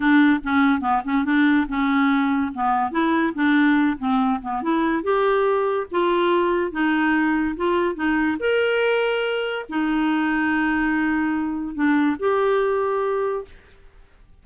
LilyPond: \new Staff \with { instrumentName = "clarinet" } { \time 4/4 \tempo 4 = 143 d'4 cis'4 b8 cis'8 d'4 | cis'2 b4 e'4 | d'4. c'4 b8 e'4 | g'2 f'2 |
dis'2 f'4 dis'4 | ais'2. dis'4~ | dis'1 | d'4 g'2. | }